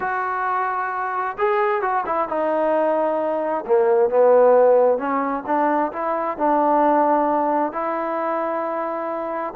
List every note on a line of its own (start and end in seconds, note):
0.00 1.36 F#4
1.38 1.81 G#4
1.81 2.04 F#4
2.06 2.28 E4
2.28 3.64 D#4
3.66 4.09 A#3
4.09 4.98 B3
4.98 5.43 C#4
5.46 5.92 D4
5.92 6.37 E4
6.37 7.72 D4
7.72 9.54 E4